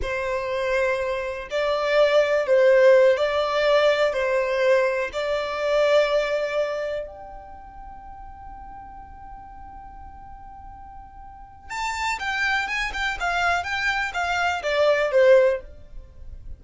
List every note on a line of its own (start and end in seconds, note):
0.02 1.48 C5
1.50 2.46 D5
2.46 3.17 C5
3.17 4.13 D5
4.13 5.10 C5
5.12 7.06 D5
7.06 11.70 G5
11.70 12.18 A5
12.19 12.67 G5
12.67 12.92 G#5
12.93 13.17 G5
13.20 13.63 F5
13.63 14.12 G5
14.13 14.62 F5
14.63 15.11 D5
15.11 15.60 C5